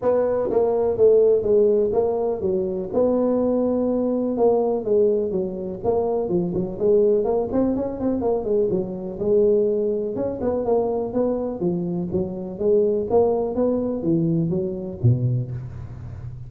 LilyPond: \new Staff \with { instrumentName = "tuba" } { \time 4/4 \tempo 4 = 124 b4 ais4 a4 gis4 | ais4 fis4 b2~ | b4 ais4 gis4 fis4 | ais4 f8 fis8 gis4 ais8 c'8 |
cis'8 c'8 ais8 gis8 fis4 gis4~ | gis4 cis'8 b8 ais4 b4 | f4 fis4 gis4 ais4 | b4 e4 fis4 b,4 | }